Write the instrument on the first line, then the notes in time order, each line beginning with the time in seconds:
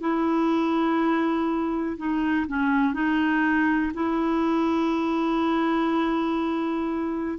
clarinet
0.00 E4
1.97 D#4
2.48 C#4
2.94 D#4
3.94 E4